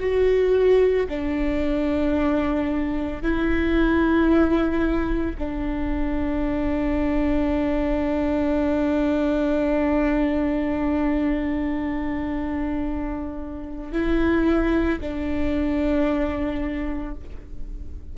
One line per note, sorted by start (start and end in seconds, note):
0.00 1.07 F#4
1.09 3.22 D4
3.22 5.37 E4
5.39 13.92 D4
13.92 15.00 E4
15.01 17.15 D4